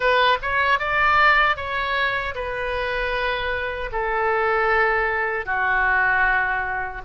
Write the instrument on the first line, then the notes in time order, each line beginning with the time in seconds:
oboe
0.00 B4
0.42 C#5
0.79 D5
1.56 C#5
2.34 B4
3.92 A4
5.45 F#4